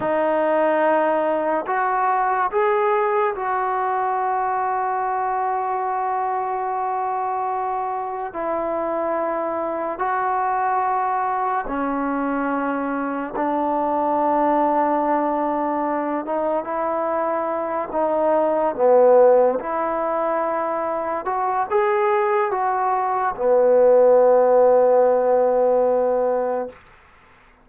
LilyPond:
\new Staff \with { instrumentName = "trombone" } { \time 4/4 \tempo 4 = 72 dis'2 fis'4 gis'4 | fis'1~ | fis'2 e'2 | fis'2 cis'2 |
d'2.~ d'8 dis'8 | e'4. dis'4 b4 e'8~ | e'4. fis'8 gis'4 fis'4 | b1 | }